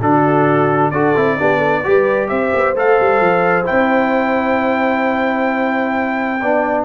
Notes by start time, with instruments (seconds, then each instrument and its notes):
0.00 tuba D3, trombone D4, horn F#4, trumpet A4
0.90 tuba D4, trombone F#4, horn A4, trumpet D5
1.15 tuba C4, trombone E4
1.38 tuba B3, trombone D4, horn G4
1.58 horn A4
1.83 tuba G3, trombone G4, horn B4
2.28 tuba C4, horn C5, trumpet E5
2.54 tuba B3
2.74 tuba A3, trombone A4, trumpet F5
3.00 tuba G3
3.20 tuba F3
3.64 trombone E4, trumpet G5
3.70 tuba C4
6.40 tuba B3, trombone D4, horn D5